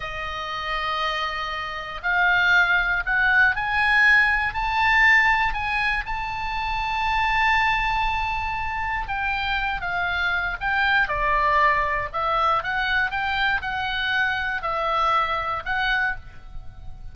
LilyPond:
\new Staff \with { instrumentName = "oboe" } { \time 4/4 \tempo 4 = 119 dis''1 | f''2 fis''4 gis''4~ | gis''4 a''2 gis''4 | a''1~ |
a''2 g''4. f''8~ | f''4 g''4 d''2 | e''4 fis''4 g''4 fis''4~ | fis''4 e''2 fis''4 | }